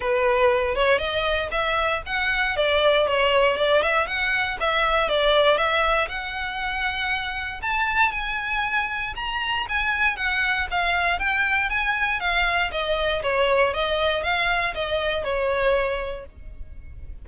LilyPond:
\new Staff \with { instrumentName = "violin" } { \time 4/4 \tempo 4 = 118 b'4. cis''8 dis''4 e''4 | fis''4 d''4 cis''4 d''8 e''8 | fis''4 e''4 d''4 e''4 | fis''2. a''4 |
gis''2 ais''4 gis''4 | fis''4 f''4 g''4 gis''4 | f''4 dis''4 cis''4 dis''4 | f''4 dis''4 cis''2 | }